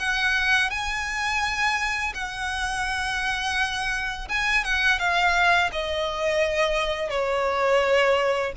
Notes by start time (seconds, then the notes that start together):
0.00 F#5
0.71 G#5
2.15 F#5
4.29 G#5
4.65 F#5
4.99 F5
5.72 D#5
7.10 C#5